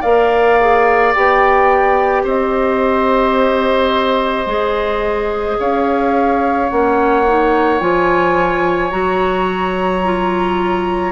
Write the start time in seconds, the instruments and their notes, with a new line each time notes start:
0.00 bassoon A#3, clarinet A#4, oboe D5, flute F5
0.60 clarinet G#4
1.14 bassoon B3, clarinet G4, flute G5
2.24 bassoon C4, oboe C5, flute D#5
4.46 bassoon G#3, clarinet G#4
5.59 bassoon C#4, oboe C#5, flute F5
6.69 bassoon A#3, clarinet C#4, flute F#5
7.26 clarinet D#4
7.80 bassoon F3, clarinet F4, flute G#5
8.90 bassoon F#3, clarinet F#4, flute A#5
10.04 clarinet F4